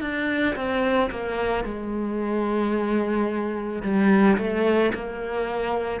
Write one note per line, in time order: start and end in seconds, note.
0.00 0.55 D4
0.55 1.10 C4
1.10 1.64 A#3
1.64 3.82 G#3
3.82 4.37 G3
4.37 4.92 A3
4.94 6.00 A#3